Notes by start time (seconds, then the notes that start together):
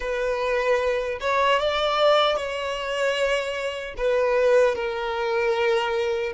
0.00 B4
1.20 C#5
1.59 D5
2.36 C#5
3.97 B4
4.75 A#4